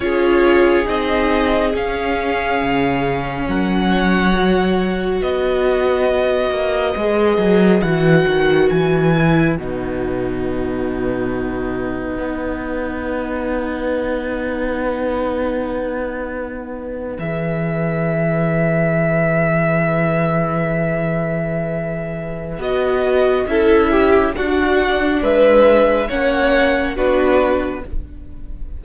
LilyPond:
<<
  \new Staff \with { instrumentName = "violin" } { \time 4/4 \tempo 4 = 69 cis''4 dis''4 f''2 | fis''2 dis''2~ | dis''4 fis''4 gis''4 fis''4~ | fis''1~ |
fis''2.~ fis''8. e''16~ | e''1~ | e''2 dis''4 e''4 | fis''4 e''4 fis''4 b'4 | }
  \new Staff \with { instrumentName = "violin" } { \time 4/4 gis'1 | ais'8 cis''4. b'2~ | b'1~ | b'1~ |
b'1~ | b'1~ | b'2. a'8 g'8 | fis'4 b'4 cis''4 fis'4 | }
  \new Staff \with { instrumentName = "viola" } { \time 4/4 f'4 dis'4 cis'2~ | cis'4 fis'2. | gis'4 fis'4. e'8 dis'4~ | dis'1~ |
dis'2.~ dis'8. gis'16~ | gis'1~ | gis'2 fis'4 e'4 | d'2 cis'4 d'4 | }
  \new Staff \with { instrumentName = "cello" } { \time 4/4 cis'4 c'4 cis'4 cis4 | fis2 b4. ais8 | gis8 fis8 e8 dis8 e4 b,4~ | b,2 b2~ |
b2.~ b8. e16~ | e1~ | e2 b4 cis'4 | d'4 gis4 ais4 b4 | }
>>